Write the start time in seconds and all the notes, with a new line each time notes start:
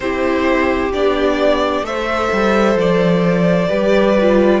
0.00 C4 E4 G4 C5
0.93 B3 D4 D5
1.82 A3 A4 C5 E5
2.32 G3
2.75 F3 D5
3.68 G3 G4 B4
4.20 F4